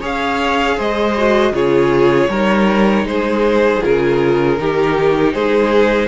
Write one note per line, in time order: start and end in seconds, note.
0.00 0.78 C#4
0.00 1.15 G#4
0.00 0.76 C#5
0.00 0.80 F5
0.76 1.52 G#3
0.76 1.52 C5
0.76 1.55 D#5
1.17 1.53 F#4
1.52 2.28 C#3
1.52 2.29 F4
1.52 2.30 G#4
1.52 3.07 C#5
2.28 3.03 G3
2.28 3.81 D#4
2.28 3.06 A#4
3.03 3.79 G#3
3.03 4.60 G#4
3.03 3.83 C5
3.81 4.59 C#3
3.81 4.57 F4
3.81 5.33 A#4
4.57 5.34 D#3
4.57 6.08 D#4
4.57 5.34 G4
5.33 6.08 G#3
5.33 6.08 G#4
5.33 6.08 C5